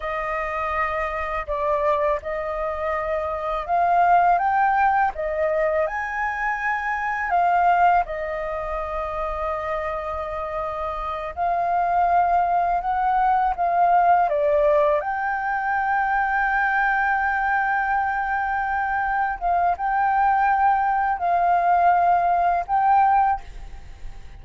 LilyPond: \new Staff \with { instrumentName = "flute" } { \time 4/4 \tempo 4 = 82 dis''2 d''4 dis''4~ | dis''4 f''4 g''4 dis''4 | gis''2 f''4 dis''4~ | dis''2.~ dis''8 f''8~ |
f''4. fis''4 f''4 d''8~ | d''8 g''2.~ g''8~ | g''2~ g''8 f''8 g''4~ | g''4 f''2 g''4 | }